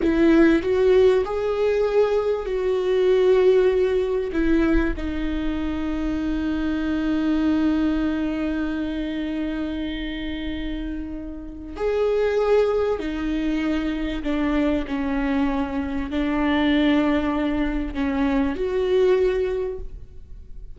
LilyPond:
\new Staff \with { instrumentName = "viola" } { \time 4/4 \tempo 4 = 97 e'4 fis'4 gis'2 | fis'2. e'4 | dis'1~ | dis'1~ |
dis'2. gis'4~ | gis'4 dis'2 d'4 | cis'2 d'2~ | d'4 cis'4 fis'2 | }